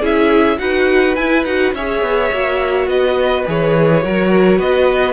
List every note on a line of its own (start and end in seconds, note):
0.00 0.58 C#4
0.00 0.58 E4
0.00 0.57 G#4
0.00 0.58 E5
0.58 1.16 D#4
0.58 1.15 F#4
0.58 1.74 B4
0.58 1.15 F#5
1.15 1.44 E4
1.15 1.46 E4
1.15 1.44 G#5
1.44 1.73 D#4
1.44 1.75 F#4
1.44 1.73 F#5
1.73 2.02 C#4
1.73 2.33 G#4
1.73 2.88 C#5
1.73 2.88 E5
2.02 2.30 B3
2.32 2.86 A#3
2.32 3.46 F#4
2.86 3.43 B3
2.86 4.03 B4
2.86 3.45 D#5
3.46 4.04 E3
3.46 4.01 G#4
3.46 4.60 C#5
4.01 4.59 F#3
4.01 5.13 F#4
4.01 4.58 A#4
4.58 5.13 B3
4.58 5.13 B4
4.58 5.13 D#5